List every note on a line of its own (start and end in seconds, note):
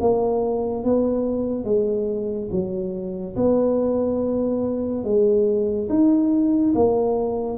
0.00 0.84 A#3
0.84 1.64 B3
1.64 2.49 G#3
2.51 3.35 F#3
3.36 5.04 B3
5.04 5.88 G#3
5.88 6.73 D#4
6.74 7.57 A#3